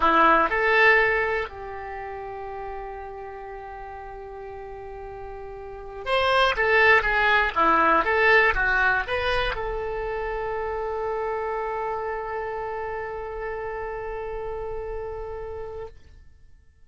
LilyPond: \new Staff \with { instrumentName = "oboe" } { \time 4/4 \tempo 4 = 121 e'4 a'2 g'4~ | g'1~ | g'1~ | g'16 c''4 a'4 gis'4 e'8.~ |
e'16 a'4 fis'4 b'4 a'8.~ | a'1~ | a'1~ | a'1 | }